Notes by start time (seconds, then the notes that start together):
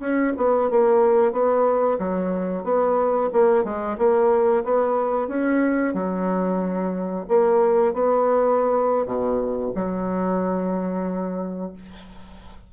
0.00 C#4
0.37 B3
0.70 A#3
1.32 B3
1.99 F#3
2.64 B3
3.33 A#3
3.64 G#3
3.98 A#3
4.64 B3
5.28 C#4
5.94 F#3
7.28 A#3
7.94 B3
9.06 B2
9.75 F#3